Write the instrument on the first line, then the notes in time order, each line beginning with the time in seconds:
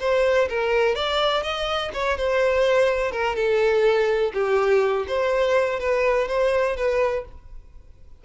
violin
0.00 C5
0.49 A#4
0.95 D5
1.43 D#5
1.93 C#5
2.17 C5
3.12 A#4
3.36 A4
4.33 G4
5.08 C5
5.79 B4
6.28 C5
6.76 B4